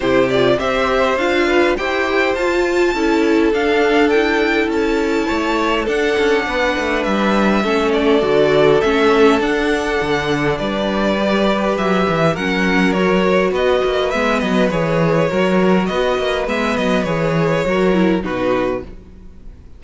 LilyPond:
<<
  \new Staff \with { instrumentName = "violin" } { \time 4/4 \tempo 4 = 102 c''8 d''8 e''4 f''4 g''4 | a''2 f''4 g''4 | a''2 fis''2 | e''4. d''4. e''4 |
fis''2 d''2 | e''4 fis''4 cis''4 dis''4 | e''8 dis''8 cis''2 dis''4 | e''8 dis''8 cis''2 b'4 | }
  \new Staff \with { instrumentName = "violin" } { \time 4/4 g'4 c''4. b'8 c''4~ | c''4 a'2.~ | a'4 cis''4 a'4 b'4~ | b'4 a'2.~ |
a'2 b'2~ | b'4 ais'2 b'4~ | b'2 ais'4 b'4~ | b'2 ais'4 fis'4 | }
  \new Staff \with { instrumentName = "viola" } { \time 4/4 e'8 f'8 g'4 f'4 g'4 | f'4 e'4 d'4 e'4~ | e'2 d'2~ | d'4 cis'4 fis'4 cis'4 |
d'2. g'4~ | g'4 cis'4 fis'2 | b4 gis'4 fis'2 | b4 gis'4 fis'8 e'8 dis'4 | }
  \new Staff \with { instrumentName = "cello" } { \time 4/4 c4 c'4 d'4 e'4 | f'4 cis'4 d'2 | cis'4 a4 d'8 cis'8 b8 a8 | g4 a4 d4 a4 |
d'4 d4 g2 | fis8 e8 fis2 b8 ais8 | gis8 fis8 e4 fis4 b8 ais8 | gis8 fis8 e4 fis4 b,4 | }
>>